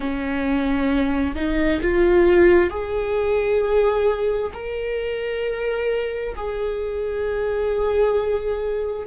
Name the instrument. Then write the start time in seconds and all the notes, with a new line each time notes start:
viola
0.00 C#4
1.35 D#4
1.81 F4
2.69 G#4
4.53 A#4
6.35 G#4